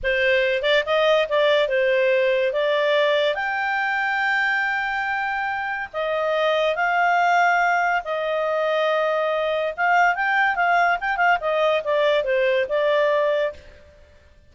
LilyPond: \new Staff \with { instrumentName = "clarinet" } { \time 4/4 \tempo 4 = 142 c''4. d''8 dis''4 d''4 | c''2 d''2 | g''1~ | g''2 dis''2 |
f''2. dis''4~ | dis''2. f''4 | g''4 f''4 g''8 f''8 dis''4 | d''4 c''4 d''2 | }